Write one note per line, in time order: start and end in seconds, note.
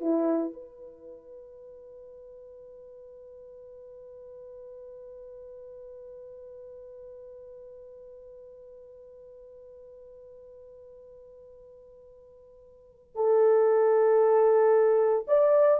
0.00 0.53 E4
0.53 13.15 B4
13.15 15.25 A4
15.27 15.80 D5